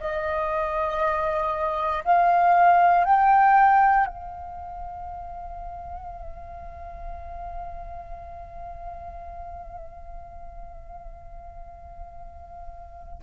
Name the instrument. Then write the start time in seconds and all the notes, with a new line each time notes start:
flute
0.00 D#5
2.04 F5
3.05 G5
4.06 F5